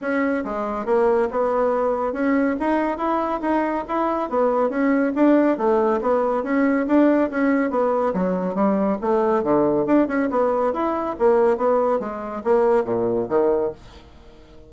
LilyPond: \new Staff \with { instrumentName = "bassoon" } { \time 4/4 \tempo 4 = 140 cis'4 gis4 ais4 b4~ | b4 cis'4 dis'4 e'4 | dis'4 e'4 b4 cis'4 | d'4 a4 b4 cis'4 |
d'4 cis'4 b4 fis4 | g4 a4 d4 d'8 cis'8 | b4 e'4 ais4 b4 | gis4 ais4 ais,4 dis4 | }